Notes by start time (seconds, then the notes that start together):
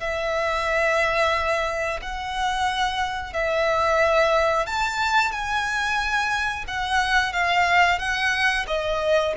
0.00 E5
2.02 F#5
3.33 E5
4.66 A5
5.32 G#5
6.67 F#5
7.33 F5
7.99 F#5
8.67 D#5